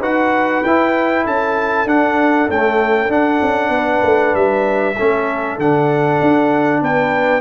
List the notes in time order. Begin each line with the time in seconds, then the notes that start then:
0.00 D#4 F#4 B4 F#5
0.63 E4 G5
1.24 C#4 A4 A5
1.85 D4 F#5
2.48 A3 C#4 G5
3.09 D4 F#5
3.41 C#4
3.69 B3
3.76 B4
4.03 A3
4.34 G3 E5
4.96 A3 C#4 A4
5.58 D3 D4 F#5
6.21 D4
6.81 B3 B4 G5